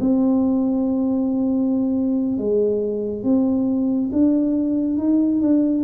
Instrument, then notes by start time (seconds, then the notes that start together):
tuba
0.00 C4
2.38 G#3
3.23 C4
4.12 D4
4.97 D#4
5.41 D4